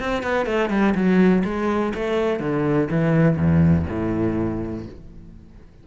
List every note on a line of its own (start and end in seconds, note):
0.00 0.23 C4
0.23 0.47 B3
0.47 0.70 A3
0.70 0.94 G3
0.95 1.44 F#3
1.45 1.94 G#3
1.95 2.40 A3
2.40 2.89 D3
2.91 3.37 E3
3.37 3.86 E2
3.89 4.87 A2